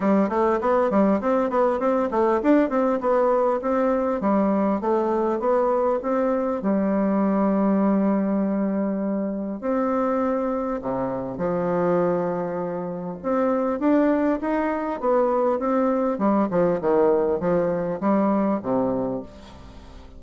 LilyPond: \new Staff \with { instrumentName = "bassoon" } { \time 4/4 \tempo 4 = 100 g8 a8 b8 g8 c'8 b8 c'8 a8 | d'8 c'8 b4 c'4 g4 | a4 b4 c'4 g4~ | g1 |
c'2 c4 f4~ | f2 c'4 d'4 | dis'4 b4 c'4 g8 f8 | dis4 f4 g4 c4 | }